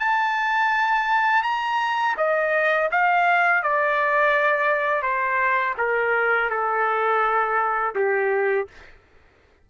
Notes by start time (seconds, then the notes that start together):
0.00 A5
1.43 A#5
2.18 D#5
2.92 F5
3.63 D5
5.03 C5
5.78 A#4
6.51 A4
7.96 G4